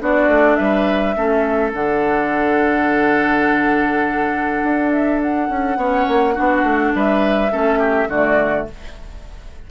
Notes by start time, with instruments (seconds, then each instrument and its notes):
0.00 bassoon B3, clarinet D4, oboe F#4, flute D5
0.28 bassoon A3
0.56 bassoon G3, oboe B4, flute E5
1.15 bassoon A3, clarinet C#4, oboe A4
1.73 bassoon D3, clarinet D4, flute F#5
4.63 bassoon D4
4.92 flute E5
5.22 flute F#5
5.50 bassoon C#4
5.77 bassoon B3, clarinet C#4, oboe C#5
6.08 bassoon A#3
6.34 bassoon B3, clarinet D4, oboe F#4
6.63 bassoon A3
6.95 bassoon G3, oboe B4, flute E5
7.51 bassoon A3, clarinet C#4, oboe A4
7.79 oboe G4
8.08 bassoon D3, clarinet A3, oboe F#4, flute D5